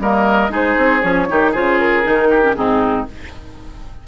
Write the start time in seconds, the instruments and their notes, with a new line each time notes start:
0.00 bassoon G3, clarinet A#3, oboe A#4, flute D#5
0.50 bassoon G#3, clarinet D#4, oboe G#4, flute C5
0.78 bassoon C4
1.02 bassoon F3, clarinet C#4, flute C#5
1.30 bassoon D#3, clarinet D#4, oboe G4
1.52 bassoon C#3, clarinet F4, oboe G#4, flute C5
1.80 flute A#4
2.04 bassoon D#3, clarinet D#4
2.30 oboe G4
2.43 clarinet C#4
2.55 bassoon G#2, clarinet C4, oboe D#4, flute G#4